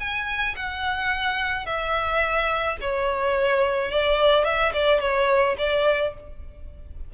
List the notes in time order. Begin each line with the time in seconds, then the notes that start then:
0.00 G#5
0.56 F#5
1.66 E5
2.81 C#5
3.91 D5
4.45 E5
4.73 D5
5.01 C#5
5.58 D5